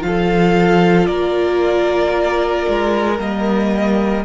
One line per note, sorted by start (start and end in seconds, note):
0.00 1.07 F3
0.00 3.16 F4
0.00 1.06 F5
0.06 1.08 A4
1.06 2.66 A#3
1.06 4.24 A#4
1.06 3.16 D5
2.68 3.19 G#3
3.18 4.24 G3
3.18 4.24 A#3
3.18 4.24 D#5